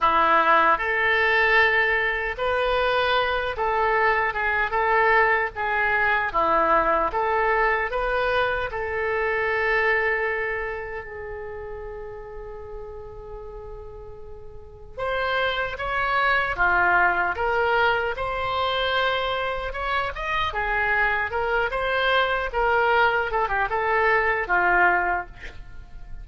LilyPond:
\new Staff \with { instrumentName = "oboe" } { \time 4/4 \tempo 4 = 76 e'4 a'2 b'4~ | b'8 a'4 gis'8 a'4 gis'4 | e'4 a'4 b'4 a'4~ | a'2 gis'2~ |
gis'2. c''4 | cis''4 f'4 ais'4 c''4~ | c''4 cis''8 dis''8 gis'4 ais'8 c''8~ | c''8 ais'4 a'16 g'16 a'4 f'4 | }